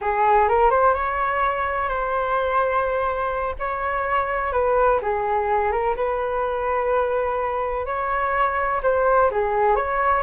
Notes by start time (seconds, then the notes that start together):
0.01 G#4
0.48 A#4
0.70 C5
0.94 C#5
1.89 C5
3.59 C#5
4.52 B4
5.02 G#4
5.71 A#4
5.95 B4
7.86 C#5
8.82 C5
9.31 G#4
9.75 C#5